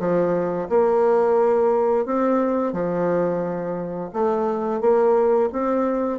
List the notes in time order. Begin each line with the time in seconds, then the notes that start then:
0.00 F3
0.70 A#3
2.06 C4
2.73 F3
4.13 A3
4.81 A#3
5.53 C4